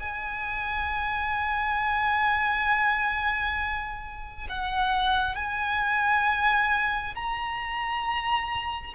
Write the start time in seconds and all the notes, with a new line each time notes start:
0.00 G#5
4.49 F#5
5.36 G#5
7.15 A#5